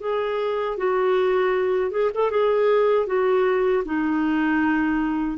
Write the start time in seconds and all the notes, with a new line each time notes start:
0.00 G#4
0.77 F#4
1.91 G#4
2.14 A4
2.30 G#4
3.06 F#4
3.85 D#4